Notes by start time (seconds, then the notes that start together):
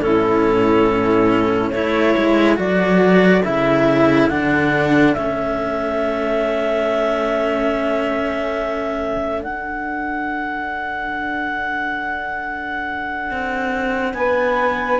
0.00 A2 C#4 E4 A4
1.70 A3 E4 A4 C#5
2.18 G#3
2.56 F#3 F#4 D5
3.44 C#3 E4 E5
4.29 D3 D4 F#5
5.14 A3 C#4 E5
9.42 D4 F#5
13.31 C4
14.14 B3 B4 G#5